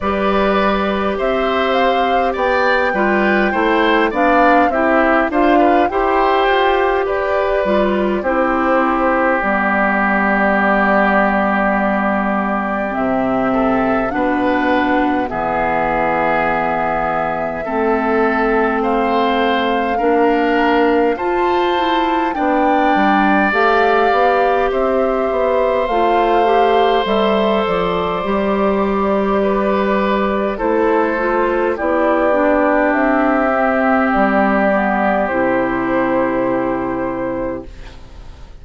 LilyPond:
<<
  \new Staff \with { instrumentName = "flute" } { \time 4/4 \tempo 4 = 51 d''4 e''8 f''8 g''4. f''8 | e''8 f''8 g''4 d''4 c''4 | d''2. e''4 | fis''4 e''2. |
f''2 a''4 g''4 | f''4 e''4 f''4 e''8 d''8~ | d''2 c''4 d''4 | e''4 d''4 c''2 | }
  \new Staff \with { instrumentName = "oboe" } { \time 4/4 b'4 c''4 d''8 b'8 c''8 d''8 | g'8 c''16 b'16 c''4 b'4 g'4~ | g'2.~ g'8 a'8 | b'4 gis'2 a'4 |
c''4 ais'4 c''4 d''4~ | d''4 c''2.~ | c''4 b'4 a'4 g'4~ | g'1 | }
  \new Staff \with { instrumentName = "clarinet" } { \time 4/4 g'2~ g'8 f'8 e'8 d'8 | e'8 f'8 g'4. f'8 e'4 | b2. c'4 | d'4 b2 c'4~ |
c'4 d'4 f'8 e'8 d'4 | g'2 f'8 g'8 a'4 | g'2 e'8 f'8 e'8 d'8~ | d'8 c'4 b8 e'2 | }
  \new Staff \with { instrumentName = "bassoon" } { \time 4/4 g4 c'4 b8 g8 a8 b8 | c'8 d'8 e'8 f'8 g'8 g8 c'4 | g2. c4 | b,4 e2 a4~ |
a4 ais4 f'4 b8 g8 | a8 b8 c'8 b8 a4 g8 f8 | g2 a4 b4 | c'4 g4 c2 | }
>>